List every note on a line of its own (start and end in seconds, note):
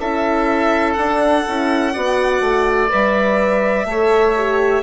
0.00 0.97 C#4
0.00 0.97 E4
0.00 1.93 A4
0.00 0.93 E5
0.93 1.45 D4
0.93 1.46 D4
0.93 2.87 F#5
1.47 1.96 C#4
1.47 1.94 E4
1.93 2.40 B3
1.93 2.89 F#4
1.93 3.87 D5
2.40 2.89 A3
2.89 3.85 G3
2.89 3.86 B4
2.89 4.83 E5
3.85 4.82 A3
3.85 4.36 A4
3.85 4.83 C#5
4.37 4.83 G4